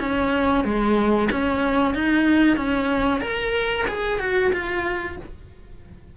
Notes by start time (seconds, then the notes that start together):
0.00 C#4
0.65 G#3
1.32 C#4
1.94 D#4
2.57 C#4
3.21 A#4
3.88 G#4
4.20 F#4
4.53 F4